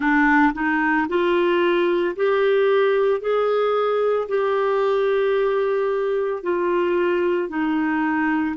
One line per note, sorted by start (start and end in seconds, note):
0.00 0.52 D4
0.54 1.07 D#4
1.08 2.15 F4
2.15 3.20 G4
3.20 4.28 G#4
4.28 6.42 G4
6.42 7.48 F4
7.48 8.55 D#4